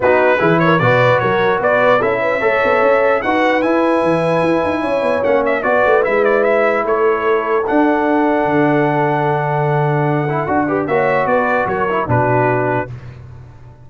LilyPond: <<
  \new Staff \with { instrumentName = "trumpet" } { \time 4/4 \tempo 4 = 149 b'4. cis''8 d''4 cis''4 | d''4 e''2. | fis''4 gis''2.~ | gis''4 fis''8 e''8 d''4 e''8 d''8 |
e''4 cis''2 fis''4~ | fis''1~ | fis''2. e''4 | d''4 cis''4 b'2 | }
  \new Staff \with { instrumentName = "horn" } { \time 4/4 fis'4 gis'8 ais'8 b'4 ais'4 | b'4 a'8 b'8 cis''2 | b'1 | cis''2 b'2~ |
b'4 a'2.~ | a'1~ | a'2~ a'8 b'8 cis''4 | b'4 ais'4 fis'2 | }
  \new Staff \with { instrumentName = "trombone" } { \time 4/4 dis'4 e'4 fis'2~ | fis'4 e'4 a'2 | fis'4 e'2.~ | e'4 cis'4 fis'4 e'4~ |
e'2. d'4~ | d'1~ | d'4. e'8 fis'8 g'8 fis'4~ | fis'4. e'8 d'2 | }
  \new Staff \with { instrumentName = "tuba" } { \time 4/4 b4 e4 b,4 fis4 | b4 cis'4 a8 b8 cis'4 | dis'4 e'4 e4 e'8 dis'8 | cis'8 b8 ais4 b8 a8 gis4~ |
gis4 a2 d'4~ | d'4 d2.~ | d2 d'4 ais4 | b4 fis4 b,2 | }
>>